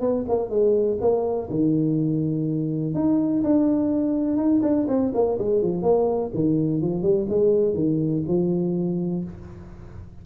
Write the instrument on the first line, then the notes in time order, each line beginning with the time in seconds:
tuba
0.00 B3
0.28 A#3
0.49 G#3
1.01 A#3
1.50 D#3
2.94 D#4
3.43 D4
4.36 D#4
4.62 D4
4.88 C4
5.14 A#3
5.38 G#3
5.62 F3
5.82 A#3
6.34 D#3
6.81 F3
7.02 G3
7.29 G#3
7.74 D#3
8.27 F3